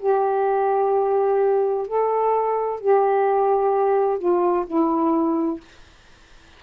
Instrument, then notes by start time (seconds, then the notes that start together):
saxophone
0.00 G4
1.88 A4
2.81 G4
4.19 F4
4.67 E4